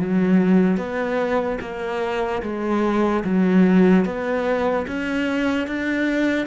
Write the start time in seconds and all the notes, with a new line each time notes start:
0.00 F#3
0.78 B3
1.61 A#3
2.43 G#3
3.25 F#3
4.05 B3
4.88 C#4
5.67 D4